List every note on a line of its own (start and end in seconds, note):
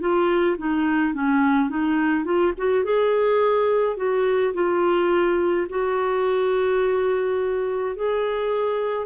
0.00 0.57 F4
0.58 1.14 D#4
1.14 1.69 C#4
1.69 2.24 D#4
2.24 2.53 F4
2.57 2.84 F#4
2.84 3.97 G#4
3.97 4.53 F#4
4.54 5.67 F4
5.70 7.96 F#4
7.96 9.06 G#4